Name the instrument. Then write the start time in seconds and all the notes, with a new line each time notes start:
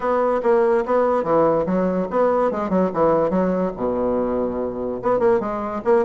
bassoon
0.00 B3
0.42 A#3
0.85 B3
1.23 E3
1.66 F#3
2.10 B3
2.51 G#3
2.69 F#3
2.93 E3
3.30 F#3
3.76 B2
5.02 B3
5.19 A#3
5.40 G#3
5.84 A#3